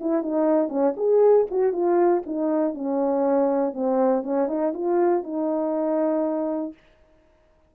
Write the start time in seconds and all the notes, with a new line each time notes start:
0.00 E4
0.22 D#4
0.68 C#4
0.97 G#4
1.51 F#4
1.72 F4
2.26 D#4
2.74 C#4
3.73 C4
4.23 C#4
4.48 D#4
4.73 F4
5.23 D#4